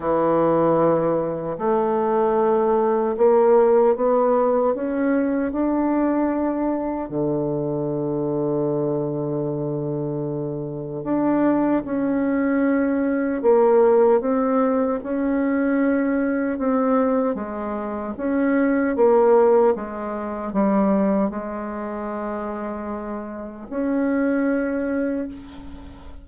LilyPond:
\new Staff \with { instrumentName = "bassoon" } { \time 4/4 \tempo 4 = 76 e2 a2 | ais4 b4 cis'4 d'4~ | d'4 d2.~ | d2 d'4 cis'4~ |
cis'4 ais4 c'4 cis'4~ | cis'4 c'4 gis4 cis'4 | ais4 gis4 g4 gis4~ | gis2 cis'2 | }